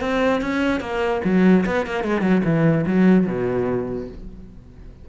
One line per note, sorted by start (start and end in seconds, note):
0.00 0.41 C4
0.41 0.80 C#4
0.80 1.21 A#3
1.24 1.65 F#3
1.66 1.86 B3
1.86 2.04 A#3
2.04 2.21 G#3
2.21 2.41 F#3
2.44 2.85 E3
2.86 3.26 F#3
3.26 4.08 B2